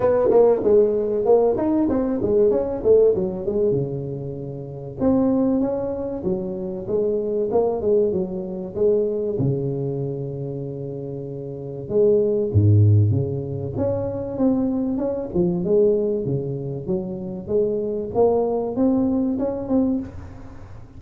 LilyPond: \new Staff \with { instrumentName = "tuba" } { \time 4/4 \tempo 4 = 96 b8 ais8 gis4 ais8 dis'8 c'8 gis8 | cis'8 a8 fis8 gis8 cis2 | c'4 cis'4 fis4 gis4 | ais8 gis8 fis4 gis4 cis4~ |
cis2. gis4 | gis,4 cis4 cis'4 c'4 | cis'8 f8 gis4 cis4 fis4 | gis4 ais4 c'4 cis'8 c'8 | }